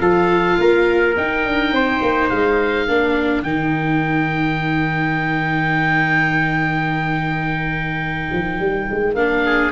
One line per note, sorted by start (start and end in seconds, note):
0.00 0.57 F3
0.00 1.14 F4
0.00 0.59 A4
0.00 1.15 F5
0.59 1.16 A#3
0.59 1.74 A#4
1.17 1.46 D#4
1.17 2.88 D#4
1.17 2.29 G5
1.46 1.72 D4
1.72 2.00 C4
1.72 2.88 C5
2.02 2.30 A#3
2.29 2.88 G#3
2.29 3.43 F5
2.88 3.43 A#3
2.88 3.45 D4
2.88 9.45 A#4
3.43 8.29 D#3
3.43 9.16 D#4
3.43 9.14 G5
8.32 8.60 F3
8.60 8.88 G3
8.91 9.14 G#3
9.14 9.71 A#3
9.14 9.72 D4
9.14 9.72 F5
9.45 9.72 G#4